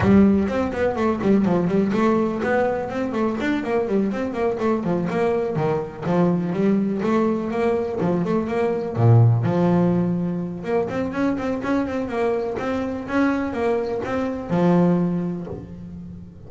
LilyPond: \new Staff \with { instrumentName = "double bass" } { \time 4/4 \tempo 4 = 124 g4 c'8 b8 a8 g8 f8 g8 | a4 b4 c'8 a8 d'8 ais8 | g8 c'8 ais8 a8 f8 ais4 dis8~ | dis8 f4 g4 a4 ais8~ |
ais8 f8 a8 ais4 ais,4 f8~ | f2 ais8 c'8 cis'8 c'8 | cis'8 c'8 ais4 c'4 cis'4 | ais4 c'4 f2 | }